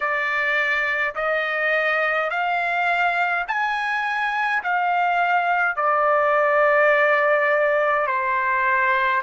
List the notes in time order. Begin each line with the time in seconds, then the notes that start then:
0.00 D5
1.15 D#5
2.30 F5
3.47 G#5
4.63 F5
5.76 D5
8.06 C5